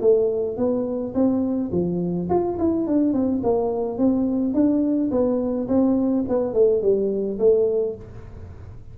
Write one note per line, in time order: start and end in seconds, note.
0.00 0.57 A3
0.57 1.13 B3
1.14 1.70 C4
1.71 2.28 F3
2.29 2.57 F4
2.58 2.86 E4
2.86 3.13 D4
3.13 3.41 C4
3.43 3.98 A#3
3.98 4.53 C4
4.53 5.10 D4
5.11 5.67 B3
5.68 6.24 C4
6.28 6.53 B3
6.53 6.81 A3
6.81 7.38 G3
7.38 7.95 A3